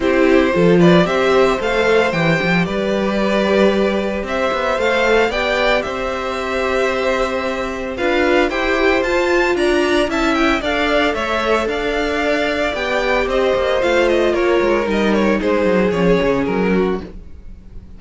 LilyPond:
<<
  \new Staff \with { instrumentName = "violin" } { \time 4/4 \tempo 4 = 113 c''4. d''8 e''4 f''4 | g''4 d''2. | e''4 f''4 g''4 e''4~ | e''2. f''4 |
g''4 a''4 ais''4 a''8 g''8 | f''4 e''4 f''2 | g''4 dis''4 f''8 dis''8 cis''4 | dis''8 cis''8 c''4 cis''4 ais'4 | }
  \new Staff \with { instrumentName = "violin" } { \time 4/4 g'4 a'8 b'8 c''2~ | c''4 b'2. | c''2 d''4 c''4~ | c''2. b'4 |
c''2 d''4 e''4 | d''4 cis''4 d''2~ | d''4 c''2 ais'4~ | ais'4 gis'2~ gis'8 fis'8 | }
  \new Staff \with { instrumentName = "viola" } { \time 4/4 e'4 f'4 g'4 a'4 | g'1~ | g'4 a'4 g'2~ | g'2. f'4 |
g'4 f'2 e'4 | a'1 | g'2 f'2 | dis'2 cis'2 | }
  \new Staff \with { instrumentName = "cello" } { \time 4/4 c'4 f4 c'4 a4 | e8 f8 g2. | c'8 b8 a4 b4 c'4~ | c'2. d'4 |
e'4 f'4 d'4 cis'4 | d'4 a4 d'2 | b4 c'8 ais8 a4 ais8 gis8 | g4 gis8 fis8 f8 cis8 fis4 | }
>>